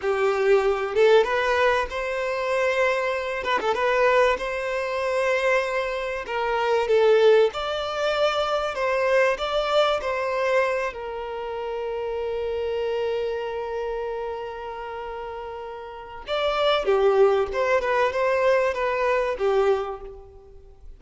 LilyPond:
\new Staff \with { instrumentName = "violin" } { \time 4/4 \tempo 4 = 96 g'4. a'8 b'4 c''4~ | c''4. b'16 a'16 b'4 c''4~ | c''2 ais'4 a'4 | d''2 c''4 d''4 |
c''4. ais'2~ ais'8~ | ais'1~ | ais'2 d''4 g'4 | c''8 b'8 c''4 b'4 g'4 | }